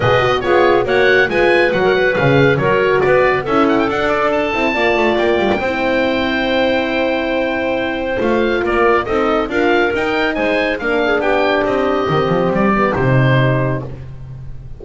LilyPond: <<
  \new Staff \with { instrumentName = "oboe" } { \time 4/4 \tempo 4 = 139 dis''4 cis''4 fis''4 gis''4 | fis''4 f''4 cis''4 d''4 | e''8 fis''16 g''16 fis''8 d''8 a''2 | g''1~ |
g''2. f''4 | d''4 dis''4 f''4 g''4 | gis''4 f''4 g''4 dis''4~ | dis''4 d''4 c''2 | }
  \new Staff \with { instrumentName = "clarinet" } { \time 4/4 b'4 gis'4 cis''4 b'4~ | b'16 ais'16 b'4. ais'4 b'4 | a'2. d''4~ | d''4 c''2.~ |
c''1 | ais'4 a'4 ais'2 | c''4 ais'8 gis'8 g'2~ | g'1 | }
  \new Staff \with { instrumentName = "horn" } { \time 4/4 gis'8 fis'8 f'4 fis'4 f'4 | fis'4 gis'4 fis'2 | e'4 d'4. e'8 f'4~ | f'4 e'2.~ |
e'2. f'4~ | f'4 dis'4 f'4 dis'4~ | dis'4 d'2. | c'4. b8 dis'2 | }
  \new Staff \with { instrumentName = "double bass" } { \time 4/4 b,4 b4 ais4 gis4 | fis4 cis4 fis4 b4 | cis'4 d'4. c'8 ais8 a8 | ais8 g16 ais16 c'2.~ |
c'2. a4 | ais4 c'4 d'4 dis'4 | gis4 ais4 b4 c'4 | dis8 f8 g4 c2 | }
>>